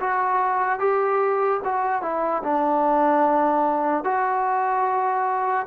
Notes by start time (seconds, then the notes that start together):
0.00 F#4
0.79 G4
1.64 F#4
2.02 E4
2.43 D4
4.04 F#4